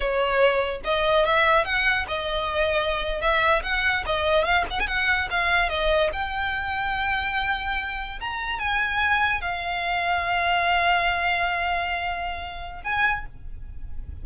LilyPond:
\new Staff \with { instrumentName = "violin" } { \time 4/4 \tempo 4 = 145 cis''2 dis''4 e''4 | fis''4 dis''2~ dis''8. e''16~ | e''8. fis''4 dis''4 f''8 fis''16 gis''16 fis''16~ | fis''8. f''4 dis''4 g''4~ g''16~ |
g''2.~ g''8. ais''16~ | ais''8. gis''2 f''4~ f''16~ | f''1~ | f''2. gis''4 | }